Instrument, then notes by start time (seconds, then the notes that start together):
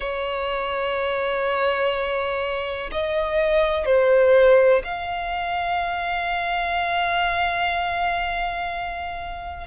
violin
0.00 C#5
2.91 D#5
3.85 C5
4.83 F5